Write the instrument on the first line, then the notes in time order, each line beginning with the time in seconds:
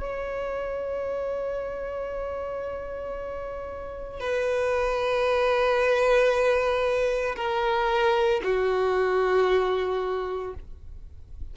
violin
0.00 C#5
4.20 B4
7.36 A#4
8.44 F#4